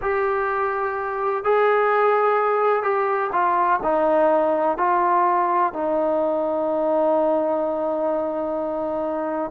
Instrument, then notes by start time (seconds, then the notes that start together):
trombone
0.01 G4
1.43 G#4
2.82 G4
3.32 F4
3.83 D#4
4.77 F4
5.73 D#4